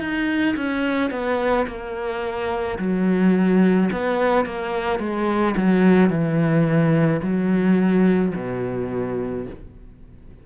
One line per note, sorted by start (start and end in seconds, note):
0.00 0.56 D#4
0.56 1.11 C#4
1.11 1.66 B3
1.67 2.78 A#3
2.78 3.89 F#3
3.92 4.45 B3
4.45 4.99 A#3
4.99 5.55 G#3
5.57 6.10 F#3
6.10 7.21 E3
7.22 8.33 F#3
8.35 9.46 B2